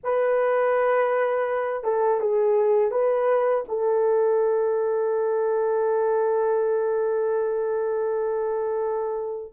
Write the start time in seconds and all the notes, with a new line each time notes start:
0.03 B4
1.83 A4
2.20 G#4
2.91 B4
3.68 A4